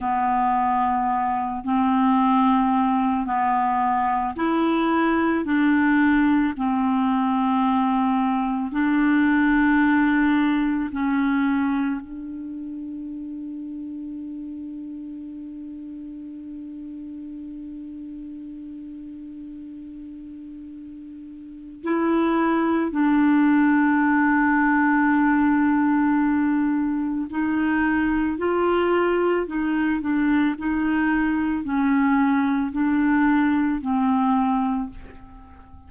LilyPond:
\new Staff \with { instrumentName = "clarinet" } { \time 4/4 \tempo 4 = 55 b4. c'4. b4 | e'4 d'4 c'2 | d'2 cis'4 d'4~ | d'1~ |
d'1 | e'4 d'2.~ | d'4 dis'4 f'4 dis'8 d'8 | dis'4 cis'4 d'4 c'4 | }